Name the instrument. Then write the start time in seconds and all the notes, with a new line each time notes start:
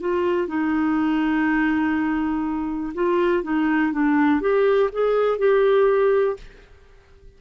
clarinet
0.00 F4
0.48 D#4
2.95 F4
3.43 D#4
3.93 D4
4.41 G4
4.92 G#4
5.38 G4